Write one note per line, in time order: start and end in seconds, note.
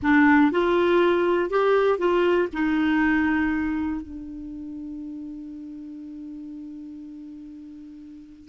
0.02 0.51 D4
0.51 1.50 F4
1.50 1.98 G4
1.98 2.48 F4
2.52 4.01 D#4
4.01 8.48 D4